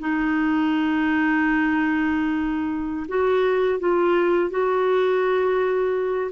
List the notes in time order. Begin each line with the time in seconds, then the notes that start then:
0.00 D#4
3.09 F#4
3.80 F4
4.50 F#4